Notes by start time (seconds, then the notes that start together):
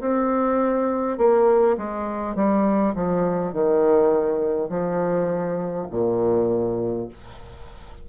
0.00 C4
1.18 A#3
1.77 G#3
2.35 G3
2.95 F3
3.53 D#3
4.69 F3
5.90 A#2